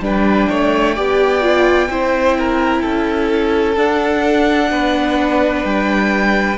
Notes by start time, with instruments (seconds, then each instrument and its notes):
0.00 cello G3, viola D4, violin B4 G5
0.49 cello A3, violin C#5
0.95 cello B3, viola G4, violin D5
1.42 viola F4
1.89 cello C4, viola E4, violin C5
2.38 violin A#4
2.82 cello C#4, violin A4
3.76 viola D4, cello D4, violin F#5
4.71 cello B3, violin B4
5.64 cello G3, violin G5